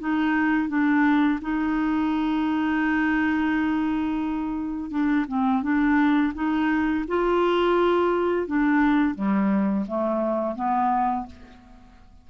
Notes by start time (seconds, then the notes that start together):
0.00 D#4
0.69 D4
1.41 D#4
4.91 D4
5.28 C4
5.63 D4
6.35 D#4
7.08 F4
8.47 D4
9.15 G3
9.88 A3
10.56 B3